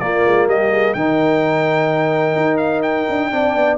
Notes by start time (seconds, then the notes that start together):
0.00 A#3 F4 D5
0.27 G#3
0.47 G3 G4 D#5
0.71 G#4
0.94 D#3 D#4 A#4 G5
2.36 D#4
2.58 F5
2.83 G5
3.09 D4
3.32 C4 D4 D5
3.56 B3